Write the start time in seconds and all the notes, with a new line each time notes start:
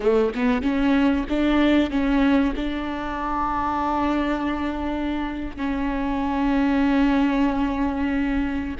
0.00 A3
0.35 B3
0.62 C#4
1.29 D4
1.90 C#4
2.56 D4
5.56 C#4